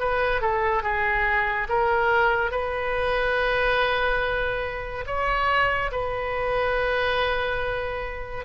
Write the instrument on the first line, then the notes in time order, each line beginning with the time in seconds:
oboe
0.00 B4
0.41 A4
0.83 G#4
1.69 A#4
2.52 B4
5.07 C#5
5.92 B4